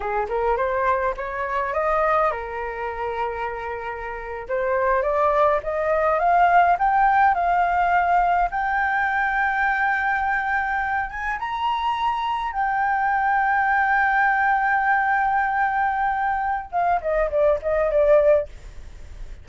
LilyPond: \new Staff \with { instrumentName = "flute" } { \time 4/4 \tempo 4 = 104 gis'8 ais'8 c''4 cis''4 dis''4 | ais'2.~ ais'8. c''16~ | c''8. d''4 dis''4 f''4 g''16~ | g''8. f''2 g''4~ g''16~ |
g''2.~ g''16 gis''8 ais''16~ | ais''4.~ ais''16 g''2~ g''16~ | g''1~ | g''4 f''8 dis''8 d''8 dis''8 d''4 | }